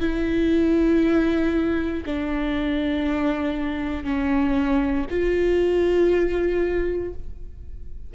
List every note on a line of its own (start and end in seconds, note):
0.00 2.03 E4
2.05 4.04 D4
4.04 5.05 C#4
5.10 7.13 F4